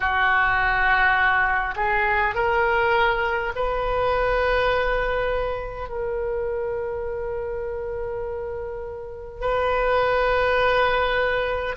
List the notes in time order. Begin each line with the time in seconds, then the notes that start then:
0.00 F#4
1.75 G#4
2.35 A#4
3.55 B4
5.88 A#4
9.41 B4